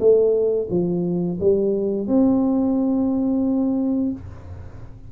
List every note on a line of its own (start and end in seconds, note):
0.00 0.68 A3
0.70 1.39 F3
1.40 2.08 G3
2.08 4.12 C4